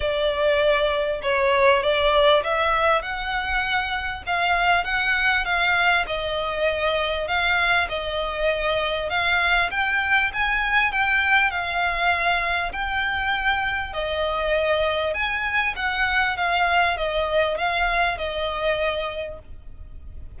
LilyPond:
\new Staff \with { instrumentName = "violin" } { \time 4/4 \tempo 4 = 99 d''2 cis''4 d''4 | e''4 fis''2 f''4 | fis''4 f''4 dis''2 | f''4 dis''2 f''4 |
g''4 gis''4 g''4 f''4~ | f''4 g''2 dis''4~ | dis''4 gis''4 fis''4 f''4 | dis''4 f''4 dis''2 | }